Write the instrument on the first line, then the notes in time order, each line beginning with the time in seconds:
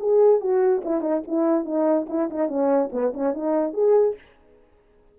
horn
0.00 G#4
0.40 F#4
0.84 E4
1.01 D#4
1.27 E4
1.65 D#4
2.09 E4
2.30 D#4
2.48 C#4
2.92 B3
3.14 C#4
3.34 D#4
3.73 G#4